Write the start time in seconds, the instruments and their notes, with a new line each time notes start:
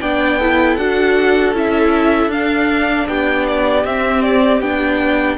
0.00 cello B3, viola D4, violin D5 G5
0.38 viola E4, violin A4
0.76 cello D4, viola F#4, violin F#5
1.53 cello C#4, viola E4, violin E5
2.27 cello D4, viola D4, violin F5
3.08 cello B3, violin G4 G5
3.47 violin D5
3.84 cello C4, viola C4, violin E5
4.22 violin D5
4.60 cello B3, viola D4, violin G5